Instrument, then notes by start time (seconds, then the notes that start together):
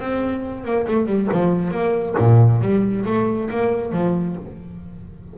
double bass
0.00 C4
0.65 A#3
0.88 A3
1.07 G3
1.33 F3
1.71 A#3
2.19 A#2
2.62 G3
3.06 A3
3.51 A#3
3.93 F3